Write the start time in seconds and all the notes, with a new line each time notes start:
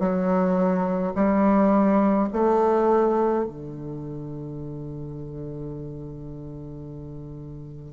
0.00 F#3
1.16 G3
2.33 A3
3.46 D3